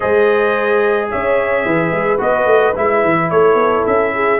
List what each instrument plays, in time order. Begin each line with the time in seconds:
0.00 tuba G#3, trombone G#4, horn C5, trumpet D#5
1.10 tuba C#4, horn C#5, trumpet E5
1.65 tuba E3, horn B4
1.91 tuba G#3
2.18 tuba B3, trombone F#4, trumpet D#5
2.45 tuba A3
2.75 tuba G#3, trombone E4, trumpet E5
3.04 tuba E3
3.30 tuba A3, horn A4, trumpet C#5
3.54 tuba B3
3.86 tuba C#4, trumpet E5
4.14 horn G#4